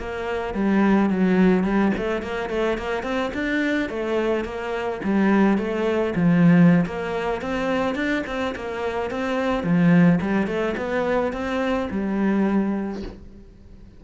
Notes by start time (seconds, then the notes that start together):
0.00 A#3
0.55 G3
1.10 F#3
1.64 G3
1.98 A3
2.23 A#3
2.50 A3
2.78 A#3
3.04 C4
3.34 D4
3.90 A3
4.45 A#3
5.04 G3
5.58 A3
6.16 F3
6.86 A#3
7.42 C4
7.95 D4
8.27 C4
8.56 A#3
9.11 C4
9.64 F3
10.21 G3
10.47 A3
10.78 B3
11.33 C4
11.91 G3